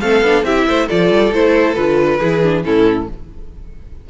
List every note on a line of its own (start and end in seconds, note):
0.00 0.21 A3
0.00 0.24 C4
0.00 0.46 A4
0.00 0.44 F5
0.21 0.43 B3
0.21 0.44 D4
0.43 0.65 C4
0.43 0.88 E4
0.43 0.67 G4
0.43 0.88 E5
0.67 0.88 A3
0.67 0.87 C5
0.87 1.10 F3
0.87 1.33 F4
0.87 2.18 A4
0.87 1.33 D5
1.10 1.31 G3
1.31 1.75 A3
1.31 1.75 E4
1.31 1.74 C5
1.74 2.20 D3
1.74 2.19 F4
1.74 2.62 B4
2.19 2.65 E3
2.19 2.42 E4
2.19 2.63 G#4
2.42 2.63 D4
2.63 3.08 A2
2.63 3.07 C#4
2.63 3.09 E4
2.63 3.08 A4